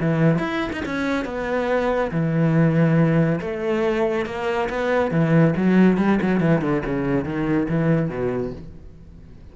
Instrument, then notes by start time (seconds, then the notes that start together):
cello
0.00 E3
0.38 E4
0.72 D#4
0.85 C#4
1.25 B3
2.11 E3
3.41 A3
4.25 A#3
4.69 B3
5.11 E3
5.56 F#3
5.97 G3
6.21 F#3
6.40 E3
6.61 D3
6.85 C#3
7.24 D#3
7.69 E3
8.09 B2